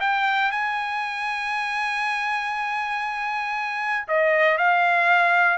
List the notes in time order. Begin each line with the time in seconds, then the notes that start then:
0.00 G5
0.51 G#5
4.07 D#5
4.57 F5